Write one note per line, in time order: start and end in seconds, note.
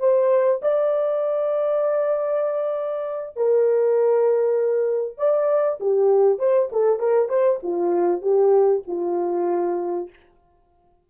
0.00 0.61 C5
0.62 3.37 D5
3.37 5.18 A#4
5.18 5.79 D5
5.80 6.39 G4
6.39 6.70 C5
6.72 6.99 A4
6.99 7.29 A#4
7.29 7.60 C5
7.63 8.22 F4
8.22 8.83 G4
8.87 10.10 F4